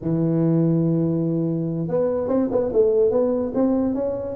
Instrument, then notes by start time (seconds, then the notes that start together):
tuba
0.01 E3
1.87 B3
2.28 C4
2.51 B3
2.73 A3
3.10 B3
3.54 C4
3.94 C#4